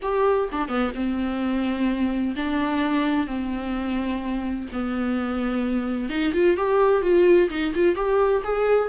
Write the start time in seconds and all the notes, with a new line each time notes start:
0.02 G4
0.52 D4
0.68 B3
0.94 C4
2.36 D4
3.26 C4
4.72 B3
6.09 D#4
6.33 F4
6.56 G4
7.02 F4
7.50 D#4
7.75 F4
7.95 G4
8.44 G#4